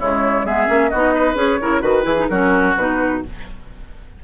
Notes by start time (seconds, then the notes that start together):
0.00 C#3 G#3 E4 C#5
0.44 G#3 B3 G#4 E5
0.67 A#3 C#4
0.89 B3 D#4 F#4 D#5
1.14 B4
1.35 C#4 G#4 C#5
1.61 C#3 E4 A#4
1.81 D#3 F#4 B4
2.03 E3 E4 G#4
2.17 D#4
2.28 F#3 C#4 F#4 A#4
2.77 B2 D#4 B4